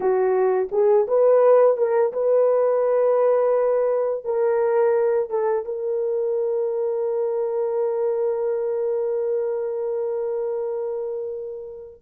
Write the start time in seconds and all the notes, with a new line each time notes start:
0.00 F#4
0.71 G#4
1.07 B4
1.76 A#4
2.12 B4
4.24 A#4
5.30 A4
5.65 A#4